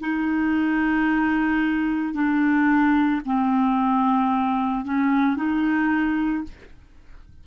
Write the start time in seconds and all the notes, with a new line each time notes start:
0.00 D#4
2.14 D4
3.25 C4
4.85 C#4
5.36 D#4